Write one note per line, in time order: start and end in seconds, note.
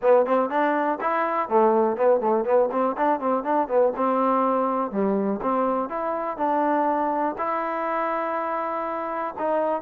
0.02 0.25 B3
0.25 0.49 C4
0.49 0.98 D4
1.00 1.49 E4
1.49 1.96 A3
1.96 2.20 B3
2.20 2.44 A3
2.44 2.69 B3
2.71 2.96 C4
2.97 3.20 D4
3.20 3.43 C4
3.43 3.68 D4
3.68 3.92 B3
3.96 4.91 C4
4.91 5.40 G3
5.42 5.89 C4
5.89 6.37 E4
6.37 7.35 D4
7.37 9.34 E4
9.38 9.81 D#4